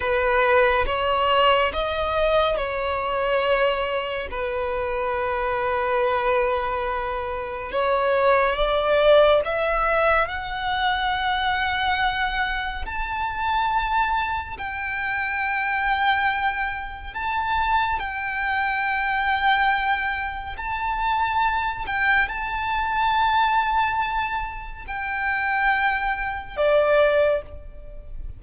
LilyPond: \new Staff \with { instrumentName = "violin" } { \time 4/4 \tempo 4 = 70 b'4 cis''4 dis''4 cis''4~ | cis''4 b'2.~ | b'4 cis''4 d''4 e''4 | fis''2. a''4~ |
a''4 g''2. | a''4 g''2. | a''4. g''8 a''2~ | a''4 g''2 d''4 | }